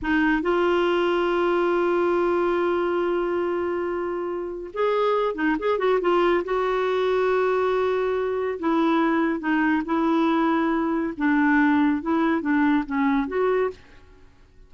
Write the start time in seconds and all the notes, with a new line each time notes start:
0.02 D#4
0.42 F4
4.73 G#4
5.34 D#4
5.59 G#4
5.78 F#4
6.00 F4
6.44 F#4
8.59 E4
9.39 D#4
9.85 E4
11.17 D4
12.01 E4
12.41 D4
12.86 C#4
13.27 F#4